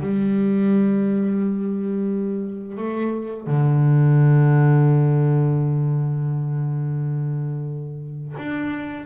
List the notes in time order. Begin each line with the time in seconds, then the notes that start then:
0.00 G3
2.77 A3
3.47 D3
8.37 D4